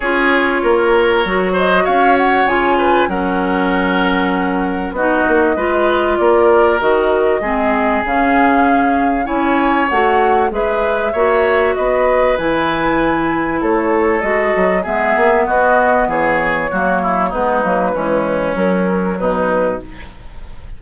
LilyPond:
<<
  \new Staff \with { instrumentName = "flute" } { \time 4/4 \tempo 4 = 97 cis''2~ cis''8 dis''8 f''8 fis''8 | gis''4 fis''2. | dis''2 d''4 dis''4~ | dis''4 f''2 gis''4 |
fis''4 e''2 dis''4 | gis''2 cis''4 dis''4 | e''4 dis''4 cis''2 | b'2 ais'4 b'4 | }
  \new Staff \with { instrumentName = "oboe" } { \time 4/4 gis'4 ais'4. c''8 cis''4~ | cis''8 b'8 ais'2. | fis'4 b'4 ais'2 | gis'2. cis''4~ |
cis''4 b'4 cis''4 b'4~ | b'2 a'2 | gis'4 fis'4 gis'4 fis'8 e'8 | dis'4 cis'2 dis'4 | }
  \new Staff \with { instrumentName = "clarinet" } { \time 4/4 f'2 fis'2 | f'4 cis'2. | dis'4 f'2 fis'4 | c'4 cis'2 e'4 |
fis'4 gis'4 fis'2 | e'2. fis'4 | b2. ais4 | b8 ais8 gis4 fis2 | }
  \new Staff \with { instrumentName = "bassoon" } { \time 4/4 cis'4 ais4 fis4 cis'4 | cis4 fis2. | b8 ais8 gis4 ais4 dis4 | gis4 cis2 cis'4 |
a4 gis4 ais4 b4 | e2 a4 gis8 fis8 | gis8 ais8 b4 e4 fis4 | gis8 fis8 e4 fis4 b,4 | }
>>